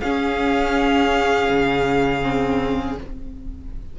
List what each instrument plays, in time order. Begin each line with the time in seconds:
0.00 cello C#4, viola C#4, violin G#4 F5
1.49 cello C#3
2.21 viola C4